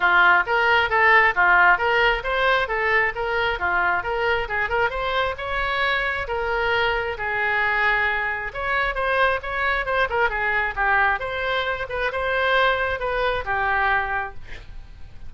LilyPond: \new Staff \with { instrumentName = "oboe" } { \time 4/4 \tempo 4 = 134 f'4 ais'4 a'4 f'4 | ais'4 c''4 a'4 ais'4 | f'4 ais'4 gis'8 ais'8 c''4 | cis''2 ais'2 |
gis'2. cis''4 | c''4 cis''4 c''8 ais'8 gis'4 | g'4 c''4. b'8 c''4~ | c''4 b'4 g'2 | }